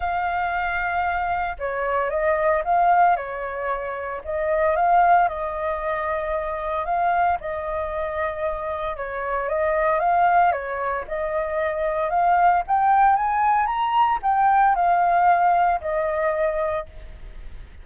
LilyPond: \new Staff \with { instrumentName = "flute" } { \time 4/4 \tempo 4 = 114 f''2. cis''4 | dis''4 f''4 cis''2 | dis''4 f''4 dis''2~ | dis''4 f''4 dis''2~ |
dis''4 cis''4 dis''4 f''4 | cis''4 dis''2 f''4 | g''4 gis''4 ais''4 g''4 | f''2 dis''2 | }